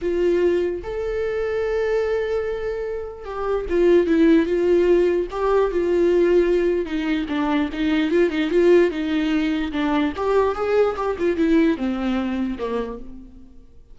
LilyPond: \new Staff \with { instrumentName = "viola" } { \time 4/4 \tempo 4 = 148 f'2 a'2~ | a'1 | g'4 f'4 e'4 f'4~ | f'4 g'4 f'2~ |
f'4 dis'4 d'4 dis'4 | f'8 dis'8 f'4 dis'2 | d'4 g'4 gis'4 g'8 f'8 | e'4 c'2 ais4 | }